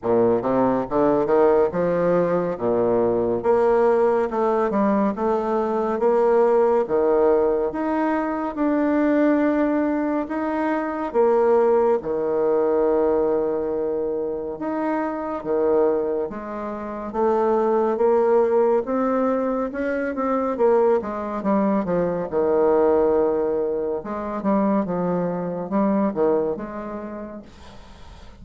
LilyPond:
\new Staff \with { instrumentName = "bassoon" } { \time 4/4 \tempo 4 = 70 ais,8 c8 d8 dis8 f4 ais,4 | ais4 a8 g8 a4 ais4 | dis4 dis'4 d'2 | dis'4 ais4 dis2~ |
dis4 dis'4 dis4 gis4 | a4 ais4 c'4 cis'8 c'8 | ais8 gis8 g8 f8 dis2 | gis8 g8 f4 g8 dis8 gis4 | }